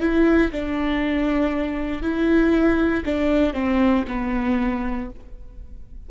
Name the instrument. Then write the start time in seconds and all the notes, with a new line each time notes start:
viola
0.00 E4
0.51 D4
2.02 E4
3.05 D4
3.54 C4
4.08 B3